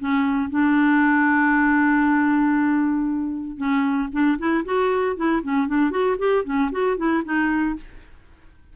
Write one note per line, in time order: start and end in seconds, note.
0.00 0.50 C#4
0.50 3.57 D4
3.57 4.09 C#4
4.12 4.38 D4
4.38 4.64 E4
4.65 5.17 F#4
5.17 5.42 E4
5.43 5.68 C#4
5.68 5.91 D4
5.91 6.17 F#4
6.19 6.44 G4
6.45 6.71 C#4
6.72 6.97 F#4
6.97 7.23 E4
7.24 7.76 D#4